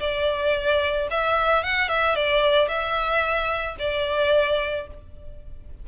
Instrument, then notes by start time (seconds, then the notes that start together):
violin
0.00 D5
1.11 E5
1.64 F#5
1.89 E5
2.15 D5
2.68 E5
3.79 D5